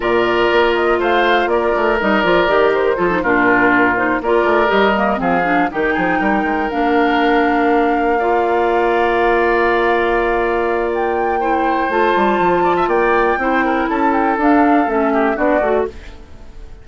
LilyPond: <<
  \new Staff \with { instrumentName = "flute" } { \time 4/4 \tempo 4 = 121 d''4. dis''8 f''4 d''4 | dis''8 d''4 c''4 ais'4. | c''8 d''4 dis''4 f''4 g''8~ | g''4. f''2~ f''8~ |
f''1~ | f''2 g''2 | a''2 g''2 | a''8 g''8 f''4 e''4 d''4 | }
  \new Staff \with { instrumentName = "oboe" } { \time 4/4 ais'2 c''4 ais'4~ | ais'2 a'8 f'4.~ | f'8 ais'2 gis'4 g'8 | gis'8 ais'2.~ ais'8~ |
ais'8 d''2.~ d''8~ | d''2. c''4~ | c''4. d''16 e''16 d''4 c''8 ais'8 | a'2~ a'8 g'8 fis'4 | }
  \new Staff \with { instrumentName = "clarinet" } { \time 4/4 f'1 | dis'8 f'8 g'4 f'16 dis'16 d'4. | dis'8 f'4 g'8 ais8 c'8 d'8 dis'8~ | dis'4. d'2~ d'8~ |
d'8 f'2.~ f'8~ | f'2. e'4 | f'2. e'4~ | e'4 d'4 cis'4 d'8 fis'8 | }
  \new Staff \with { instrumentName = "bassoon" } { \time 4/4 ais,4 ais4 a4 ais8 a8 | g8 f8 dis4 f8 ais,4.~ | ais,8 ais8 a8 g4 f4 dis8 | f8 g8 gis8 ais2~ ais8~ |
ais1~ | ais1 | a8 g8 f4 ais4 c'4 | cis'4 d'4 a4 b8 a8 | }
>>